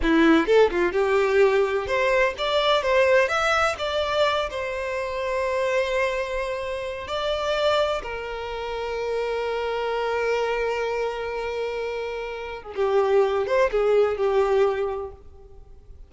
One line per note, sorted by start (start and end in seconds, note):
0.02 0.46 E4
0.46 0.70 A4
0.70 0.92 F4
0.92 1.86 G4
1.86 2.34 C5
2.38 2.82 D5
2.82 3.28 C5
3.28 3.75 E5
3.78 4.49 D5
4.50 7.07 C5
7.07 8.02 D5
8.03 12.63 A#4
12.63 12.74 G#4
12.75 13.46 G4
13.46 13.70 C5
13.71 14.17 G#4
14.17 15.11 G4